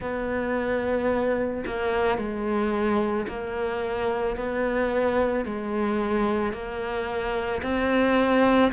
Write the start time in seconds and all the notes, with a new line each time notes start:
0.00 B3
1.66 A#3
2.18 G#3
3.28 A#3
4.36 B3
5.45 G#3
6.52 A#3
7.62 C4